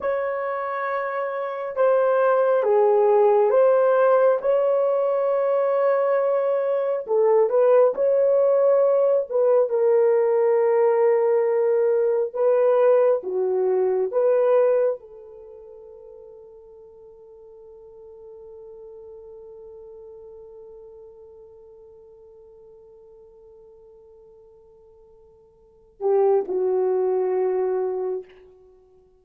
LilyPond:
\new Staff \with { instrumentName = "horn" } { \time 4/4 \tempo 4 = 68 cis''2 c''4 gis'4 | c''4 cis''2. | a'8 b'8 cis''4. b'8 ais'4~ | ais'2 b'4 fis'4 |
b'4 a'2.~ | a'1~ | a'1~ | a'4. g'8 fis'2 | }